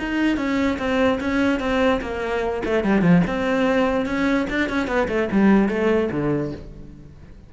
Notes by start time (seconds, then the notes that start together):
0.00 D#4
0.37 C#4
0.79 C4
1.21 C#4
1.60 C4
2.02 A#3
2.65 A3
2.84 G3
3.02 F3
3.27 C4
4.06 C#4
4.50 D4
4.70 C#4
4.88 B3
5.09 A3
5.32 G3
5.69 A3
6.12 D3